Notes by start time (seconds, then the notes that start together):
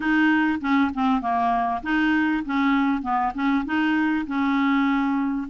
0.00 D#4
0.60 C#4
0.94 C4
1.21 A#3
1.82 D#4
2.45 C#4
3.02 B3
3.34 C#4
3.65 D#4
4.26 C#4